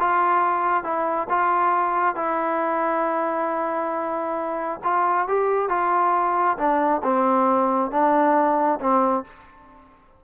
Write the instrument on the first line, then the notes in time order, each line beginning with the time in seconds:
trombone
0.00 F4
0.84 E4
1.30 F4
2.16 E4
4.84 F4
5.28 G4
5.69 F4
6.58 D4
7.04 C4
7.91 D4
8.80 C4